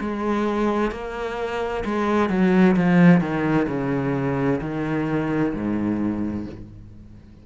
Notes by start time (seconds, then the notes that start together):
0.00 G#3
0.91 A#3
1.85 G#3
2.30 F#3
2.76 F3
3.21 D#3
3.68 C#3
4.61 D#3
5.54 G#2